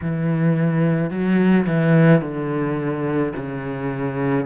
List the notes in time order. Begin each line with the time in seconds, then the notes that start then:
0.02 E3
1.10 F#3
1.67 E3
2.21 D3
3.36 C#3